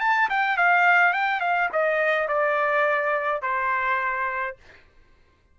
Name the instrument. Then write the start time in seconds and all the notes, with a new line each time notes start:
trumpet
0.00 A5
0.29 G5
0.57 F5
1.13 G5
1.41 F5
1.72 D#5
2.28 D5
3.42 C5